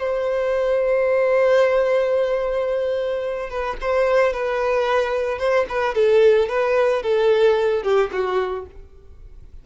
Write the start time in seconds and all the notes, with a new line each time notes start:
0.00 C5
3.50 B4
3.82 C5
4.33 B4
5.39 C5
5.70 B4
5.95 A4
6.49 B4
7.03 A4
7.84 G4
8.13 F#4